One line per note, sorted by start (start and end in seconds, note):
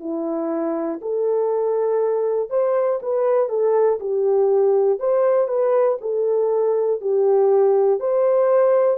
0.00 1.00 E4
1.01 2.50 A4
2.50 3.00 C5
3.02 3.49 B4
3.49 3.99 A4
4.00 5.00 G4
5.00 5.48 C5
5.48 5.98 B4
6.01 7.01 A4
7.01 8.00 G4
8.00 8.98 C5